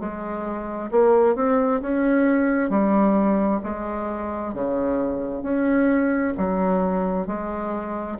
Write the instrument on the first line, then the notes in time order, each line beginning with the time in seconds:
bassoon
0.00 G#3
0.91 A#3
1.36 C4
1.82 C#4
2.70 G3
3.64 G#3
4.54 C#3
5.43 C#4
6.38 F#3
7.27 G#3